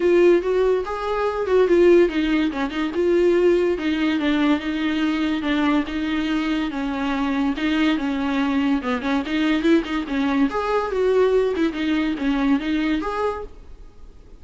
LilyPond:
\new Staff \with { instrumentName = "viola" } { \time 4/4 \tempo 4 = 143 f'4 fis'4 gis'4. fis'8 | f'4 dis'4 cis'8 dis'8 f'4~ | f'4 dis'4 d'4 dis'4~ | dis'4 d'4 dis'2 |
cis'2 dis'4 cis'4~ | cis'4 b8 cis'8 dis'4 e'8 dis'8 | cis'4 gis'4 fis'4. e'8 | dis'4 cis'4 dis'4 gis'4 | }